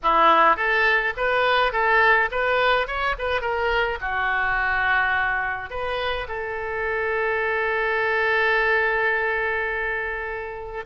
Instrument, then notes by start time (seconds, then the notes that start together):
oboe
0.03 E4
0.56 A4
1.17 B4
1.72 A4
2.31 B4
2.87 C#5
3.18 B4
3.41 A#4
4.00 F#4
5.70 B4
6.28 A4